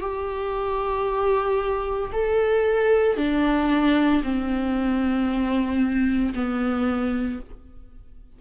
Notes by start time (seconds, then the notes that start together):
0.00 G4
2.12 A4
3.17 D4
4.23 C4
6.34 B3